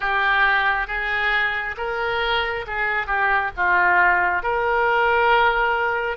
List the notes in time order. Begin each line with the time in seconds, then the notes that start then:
0.00 G4
0.87 G#4
1.77 A#4
2.66 G#4
3.06 G4
3.56 F4
4.42 A#4